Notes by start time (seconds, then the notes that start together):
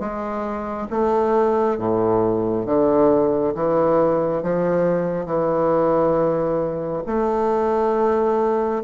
0.00 G#3
0.91 A3
1.78 A2
2.66 D3
3.55 E3
4.43 F3
5.26 E3
7.07 A3